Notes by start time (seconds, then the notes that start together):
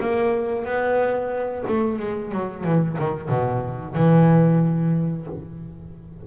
0.00 A#3
0.65 B3
1.68 A3
1.99 G#3
2.32 F#3
2.64 E3
2.99 D#3
3.29 B2
3.95 E3